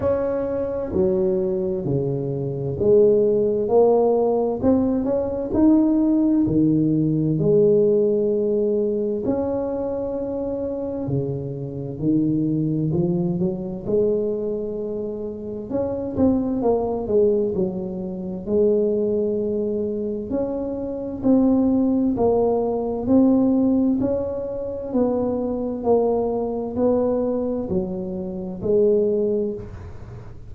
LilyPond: \new Staff \with { instrumentName = "tuba" } { \time 4/4 \tempo 4 = 65 cis'4 fis4 cis4 gis4 | ais4 c'8 cis'8 dis'4 dis4 | gis2 cis'2 | cis4 dis4 f8 fis8 gis4~ |
gis4 cis'8 c'8 ais8 gis8 fis4 | gis2 cis'4 c'4 | ais4 c'4 cis'4 b4 | ais4 b4 fis4 gis4 | }